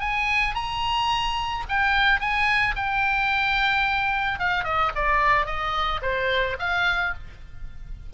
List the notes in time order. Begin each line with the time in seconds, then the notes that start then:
0.00 G#5
0.55 A#5
1.69 G5
2.20 G#5
2.76 G5
4.39 F5
4.64 D#5
4.95 D5
5.46 D#5
6.02 C5
6.59 F5